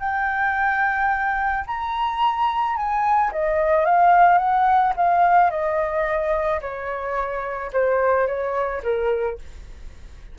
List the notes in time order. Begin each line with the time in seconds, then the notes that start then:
0.00 G5
1.67 A#5
2.77 G#5
3.32 D#5
3.86 F5
4.38 F#5
4.97 F5
5.51 D#5
6.62 C#5
7.73 C5
8.28 C#5
8.84 A#4